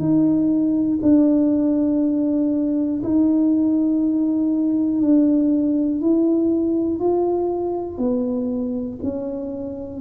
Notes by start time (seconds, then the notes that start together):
0.00 D#4
1.02 D4
3.04 D#4
5.02 D4
6.01 E4
7.00 F4
7.98 B3
9.04 C#4